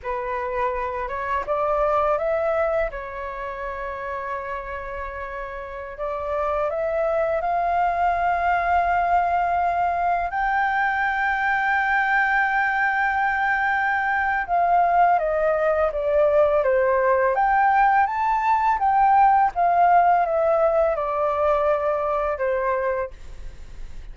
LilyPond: \new Staff \with { instrumentName = "flute" } { \time 4/4 \tempo 4 = 83 b'4. cis''8 d''4 e''4 | cis''1~ | cis''16 d''4 e''4 f''4.~ f''16~ | f''2~ f''16 g''4.~ g''16~ |
g''1 | f''4 dis''4 d''4 c''4 | g''4 a''4 g''4 f''4 | e''4 d''2 c''4 | }